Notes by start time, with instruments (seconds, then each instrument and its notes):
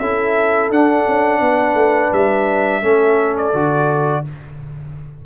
0.00 tuba C#4, trombone E4, horn A4, trumpet E5
0.71 tuba D4, trombone D4, trumpet F#5
1.07 tuba C#4
1.41 tuba B3, horn B4
1.75 tuba A3
2.13 tuba G3, trumpet E5
2.82 tuba A3, trombone C#4, horn A4
3.37 trumpet D5
3.54 tuba D3, trombone F#4